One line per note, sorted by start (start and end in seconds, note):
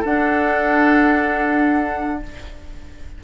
0.00 2.23 D4
0.00 2.18 A4
0.00 2.23 F#5